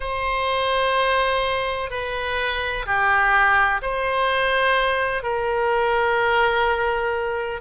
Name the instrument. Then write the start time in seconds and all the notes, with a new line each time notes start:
oboe
0.00 C5
1.90 B4
2.86 G4
3.82 C5
5.23 A#4